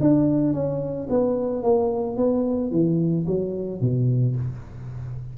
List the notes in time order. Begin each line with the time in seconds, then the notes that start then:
0.00 D4
0.53 C#4
1.09 B3
1.62 A#3
2.16 B3
2.71 E3
3.26 F#3
3.81 B2